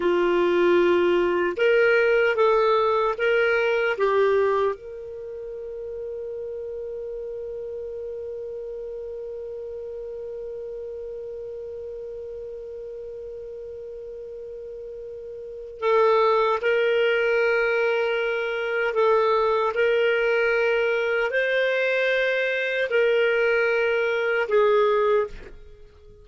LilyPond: \new Staff \with { instrumentName = "clarinet" } { \time 4/4 \tempo 4 = 76 f'2 ais'4 a'4 | ais'4 g'4 ais'2~ | ais'1~ | ais'1~ |
ais'1 | a'4 ais'2. | a'4 ais'2 c''4~ | c''4 ais'2 gis'4 | }